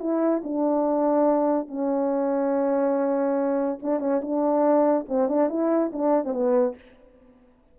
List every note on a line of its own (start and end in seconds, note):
0.00 0.42 E4
0.44 1.68 D4
1.68 3.80 C#4
3.83 4.00 D4
4.00 4.21 C#4
4.22 5.06 D4
5.09 5.29 C4
5.29 5.49 D4
5.49 5.92 E4
5.93 6.25 D4
6.25 6.34 C4
6.34 6.76 B3